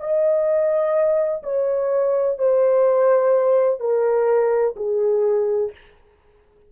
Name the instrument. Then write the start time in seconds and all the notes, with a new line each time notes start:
horn
0.00 D#5
1.43 C#5
2.39 C5
3.80 A#4
4.77 G#4